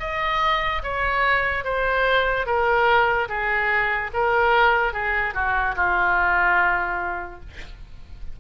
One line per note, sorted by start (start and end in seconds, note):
0.00 0.82 D#5
0.83 1.64 C#5
1.64 2.46 C5
2.46 3.28 A#4
3.29 4.11 G#4
4.14 4.93 A#4
4.93 5.34 G#4
5.34 5.75 F#4
5.76 7.40 F4